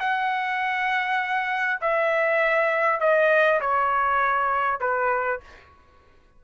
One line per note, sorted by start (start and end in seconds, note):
0.00 1.80 F#5
1.81 3.00 E5
3.00 3.60 D#5
3.61 4.80 C#5
4.80 5.40 B4